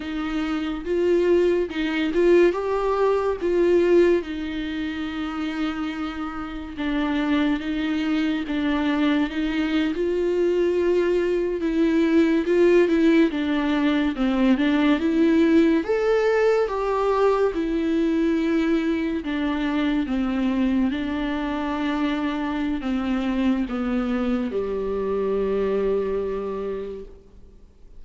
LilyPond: \new Staff \with { instrumentName = "viola" } { \time 4/4 \tempo 4 = 71 dis'4 f'4 dis'8 f'8 g'4 | f'4 dis'2. | d'4 dis'4 d'4 dis'8. f'16~ | f'4.~ f'16 e'4 f'8 e'8 d'16~ |
d'8. c'8 d'8 e'4 a'4 g'16~ | g'8. e'2 d'4 c'16~ | c'8. d'2~ d'16 c'4 | b4 g2. | }